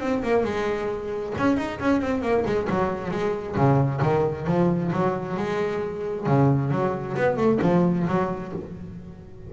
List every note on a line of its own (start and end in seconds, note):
0.00 0.22 C4
0.23 0.44 A#3
0.44 1.34 G#3
1.38 1.57 C#4
1.57 1.79 D#4
1.80 2.01 C#4
2.01 2.22 C4
2.22 2.44 A#3
2.46 2.68 G#3
2.70 3.11 F#3
3.11 3.56 G#3
3.56 4.01 C#3
4.02 4.47 D#3
4.47 4.92 F3
4.92 5.37 F#3
5.37 6.26 G#3
6.26 6.71 C#3
6.71 7.16 F#3
7.17 7.37 B3
7.37 7.59 A3
7.62 8.07 F3
8.08 8.53 F#3